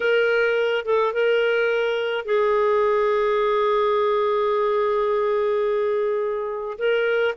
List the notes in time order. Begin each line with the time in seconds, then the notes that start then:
0.00 A#4
0.85 A4
1.13 A#4
2.25 G#4
6.78 A#4